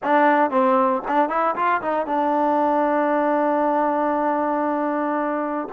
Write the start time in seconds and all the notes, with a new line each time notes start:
0.03 D4
0.50 C4
1.07 D4
1.29 E4
1.55 F4
1.81 D#4
2.06 D4